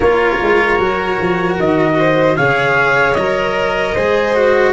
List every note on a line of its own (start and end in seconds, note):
0.00 0.35 A#3
0.00 0.78 F4
0.00 1.96 A#4
0.00 1.57 C#5
0.41 0.79 G#3
0.78 1.18 F#3
0.78 2.36 F#4
1.19 1.58 F3
1.59 2.38 D#3
1.59 2.36 D#5
1.98 2.37 C5
2.36 3.16 C#3
2.36 3.16 G#4
2.36 3.94 C#5
2.36 3.14 F5
3.14 3.95 F#3
3.14 3.96 A#4
3.14 4.72 D#5
3.94 4.72 G#3
3.94 4.35 G#4
3.94 4.72 C5
4.35 4.72 F#4